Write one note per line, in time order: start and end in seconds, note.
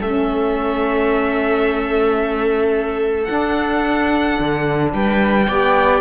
0.00 3.28 A3
0.00 3.27 C#4
0.00 4.91 A4
0.00 3.24 E5
3.24 5.45 D4
3.24 4.39 D4
3.24 4.88 F#5
4.40 4.93 D3
4.93 5.48 G3
4.93 5.48 B4
4.93 6.01 G5
5.48 6.01 B3
5.48 6.01 G4
5.48 6.01 D5